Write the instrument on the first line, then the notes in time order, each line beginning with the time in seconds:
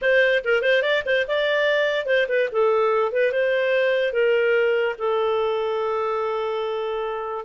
clarinet
0.01 C5
0.44 A#4
0.62 C5
0.82 D5
1.05 C5
1.27 D5
2.06 C5
2.28 B4
2.51 A4
3.12 B4
3.32 C5
4.12 A#4
4.98 A4